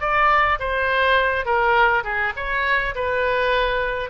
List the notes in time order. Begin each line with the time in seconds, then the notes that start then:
0.00 D5
0.59 C5
1.45 A#4
2.04 G#4
2.36 C#5
2.95 B4